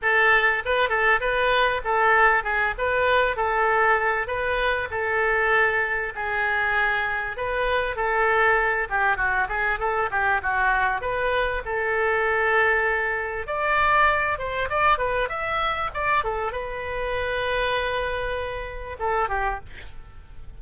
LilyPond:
\new Staff \with { instrumentName = "oboe" } { \time 4/4 \tempo 4 = 98 a'4 b'8 a'8 b'4 a'4 | gis'8 b'4 a'4. b'4 | a'2 gis'2 | b'4 a'4. g'8 fis'8 gis'8 |
a'8 g'8 fis'4 b'4 a'4~ | a'2 d''4. c''8 | d''8 b'8 e''4 d''8 a'8 b'4~ | b'2. a'8 g'8 | }